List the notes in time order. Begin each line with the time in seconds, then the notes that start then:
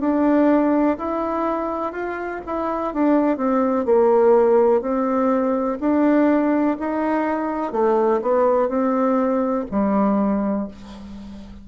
0.00 D4
0.98 E4
1.92 F4
2.46 E4
2.93 D4
3.37 C4
3.85 A#3
4.81 C4
5.80 D4
6.79 D#4
7.72 A3
8.22 B3
8.68 C4
9.71 G3